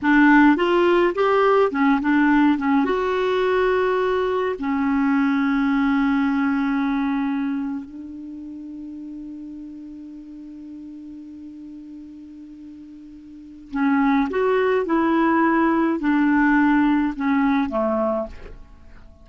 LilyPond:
\new Staff \with { instrumentName = "clarinet" } { \time 4/4 \tempo 4 = 105 d'4 f'4 g'4 cis'8 d'8~ | d'8 cis'8 fis'2. | cis'1~ | cis'4.~ cis'16 d'2~ d'16~ |
d'1~ | d'1 | cis'4 fis'4 e'2 | d'2 cis'4 a4 | }